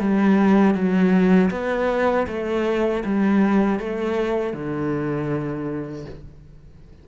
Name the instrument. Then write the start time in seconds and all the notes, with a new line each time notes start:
cello
0.00 G3
0.75 F#3
1.51 B3
2.28 A3
3.05 G3
3.80 A3
4.54 D3